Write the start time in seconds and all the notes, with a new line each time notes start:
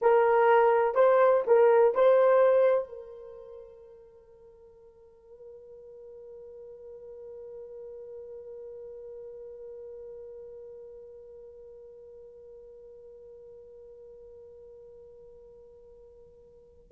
0.01 A#4
0.94 C5
1.46 A#4
1.94 C5
2.88 A#4